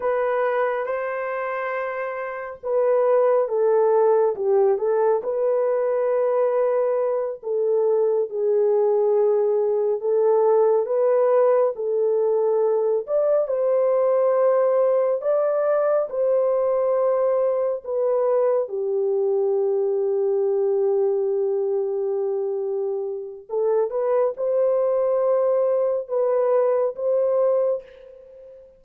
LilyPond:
\new Staff \with { instrumentName = "horn" } { \time 4/4 \tempo 4 = 69 b'4 c''2 b'4 | a'4 g'8 a'8 b'2~ | b'8 a'4 gis'2 a'8~ | a'8 b'4 a'4. d''8 c''8~ |
c''4. d''4 c''4.~ | c''8 b'4 g'2~ g'8~ | g'2. a'8 b'8 | c''2 b'4 c''4 | }